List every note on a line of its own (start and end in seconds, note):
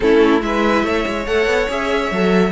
0.00 0.42 A3
0.00 0.40 C#4
0.00 0.44 E4
0.00 0.41 A4
0.40 0.83 G#3
0.40 1.25 E4
0.40 0.85 B4
0.40 1.26 E5
0.83 1.04 A3
0.83 2.51 C#5
1.07 1.27 G#3
1.26 1.46 A3
1.26 1.69 A4
1.26 1.68 F#5
1.46 1.67 B3
1.69 2.11 C#4
1.69 2.11 G#4
1.69 2.51 E5
2.11 2.51 F#3
2.11 2.51 A4